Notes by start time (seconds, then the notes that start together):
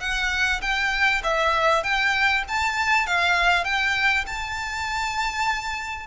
0.00 F#5
0.61 G5
1.23 E5
1.83 G5
2.48 A5
3.06 F5
3.64 G5
4.26 A5